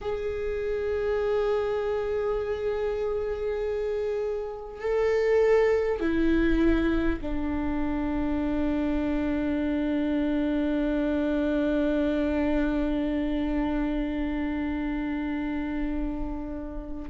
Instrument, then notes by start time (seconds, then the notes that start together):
viola
0.01 G#4
4.80 A4
5.99 E4
7.21 D4